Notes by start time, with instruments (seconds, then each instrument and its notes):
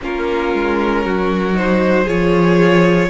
0.01 cello A#3, viola C#4, violin F4 A#4
0.53 cello G#3
1.04 cello F#3, violin F#4
1.54 viola D#4, violin C5
2.03 cello F3, viola F4, violin G#4 C#5